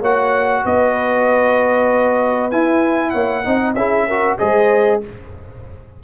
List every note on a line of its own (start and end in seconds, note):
0.00 0.64 A#3
0.00 2.52 F#4
0.00 0.62 C#5
0.00 0.66 F#5
0.65 2.52 B3
0.65 3.12 B4
0.65 2.51 D#5
2.51 3.45 E4
2.51 3.14 E4
2.51 3.11 G#5
3.11 3.46 A#3
3.11 3.43 C#5
3.11 3.73 F#5
3.45 3.75 C4
3.45 3.76 D#4
3.45 3.78 D#5
3.75 4.37 C#4
3.75 4.09 E4
3.75 4.07 G#4
3.75 4.38 E5
4.07 4.39 F#4
4.07 4.39 A#4
4.39 5.04 G#3
4.39 5.01 G#4
4.39 5.02 C5
4.39 5.01 D#5